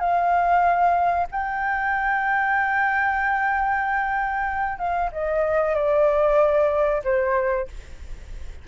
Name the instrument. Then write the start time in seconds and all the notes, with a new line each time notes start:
flute
0.00 F5
1.32 G5
4.79 F5
5.13 D#5
5.75 D5
7.04 C5